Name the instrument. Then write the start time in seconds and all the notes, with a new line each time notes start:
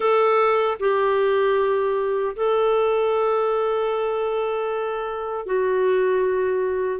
clarinet
0.00 A4
0.79 G4
2.36 A4
5.45 F#4